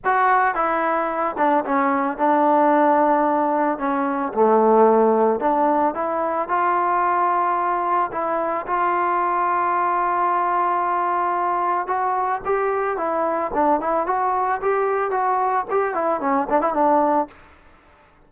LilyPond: \new Staff \with { instrumentName = "trombone" } { \time 4/4 \tempo 4 = 111 fis'4 e'4. d'8 cis'4 | d'2. cis'4 | a2 d'4 e'4 | f'2. e'4 |
f'1~ | f'2 fis'4 g'4 | e'4 d'8 e'8 fis'4 g'4 | fis'4 g'8 e'8 cis'8 d'16 e'16 d'4 | }